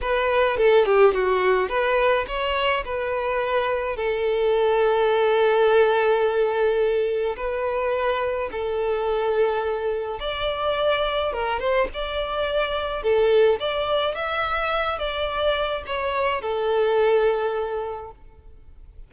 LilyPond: \new Staff \with { instrumentName = "violin" } { \time 4/4 \tempo 4 = 106 b'4 a'8 g'8 fis'4 b'4 | cis''4 b'2 a'4~ | a'1~ | a'4 b'2 a'4~ |
a'2 d''2 | ais'8 c''8 d''2 a'4 | d''4 e''4. d''4. | cis''4 a'2. | }